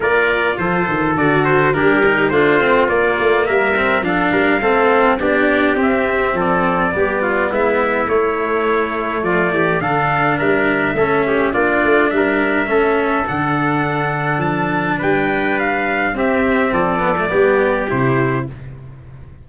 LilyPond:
<<
  \new Staff \with { instrumentName = "trumpet" } { \time 4/4 \tempo 4 = 104 d''4 c''4 d''8 c''8 ais'4 | c''4 d''4 e''4 f''4~ | f''4 d''4 e''4 d''4~ | d''4 e''4 cis''2 |
d''4 f''4 e''2 | d''4 e''2 fis''4~ | fis''4 a''4 g''4 f''4 | e''4 d''2 c''4 | }
  \new Staff \with { instrumentName = "trumpet" } { \time 4/4 ais'4 a'2 g'4 | f'2 ais'4 a'8 ais'8 | a'4 g'2 a'4 | g'8 f'8 e'2. |
f'8 g'8 a'4 ais'4 a'8 g'8 | f'4 ais'4 a'2~ | a'2 b'2 | g'4 a'4 g'2 | }
  \new Staff \with { instrumentName = "cello" } { \time 4/4 f'2 fis'4 d'8 dis'8 | d'8 c'8 ais4. c'8 d'4 | c'4 d'4 c'2 | b2 a2~ |
a4 d'2 cis'4 | d'2 cis'4 d'4~ | d'1 | c'4. b16 a16 b4 e'4 | }
  \new Staff \with { instrumentName = "tuba" } { \time 4/4 ais4 f8 dis8 d4 g4 | a4 ais8 a8 g4 f8 g8 | a4 b4 c'4 f4 | g4 gis4 a2 |
f8 e8 d4 g4 a4 | ais8 a8 g4 a4 d4~ | d4 f4 g2 | c'4 f4 g4 c4 | }
>>